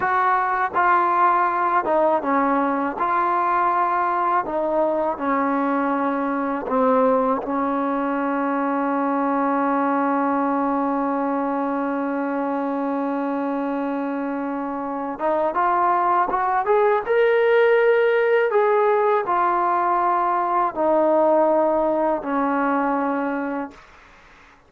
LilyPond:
\new Staff \with { instrumentName = "trombone" } { \time 4/4 \tempo 4 = 81 fis'4 f'4. dis'8 cis'4 | f'2 dis'4 cis'4~ | cis'4 c'4 cis'2~ | cis'1~ |
cis'1~ | cis'8 dis'8 f'4 fis'8 gis'8 ais'4~ | ais'4 gis'4 f'2 | dis'2 cis'2 | }